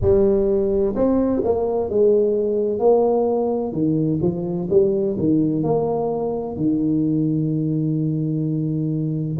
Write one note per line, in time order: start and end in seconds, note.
0.01 0.95 G3
0.95 1.42 C4
1.44 1.89 A#3
1.89 2.79 G#3
2.79 3.72 A#3
3.72 4.19 D#3
4.21 4.68 F3
4.70 5.16 G3
5.18 5.63 D#3
5.63 6.56 A#3
6.56 9.37 D#3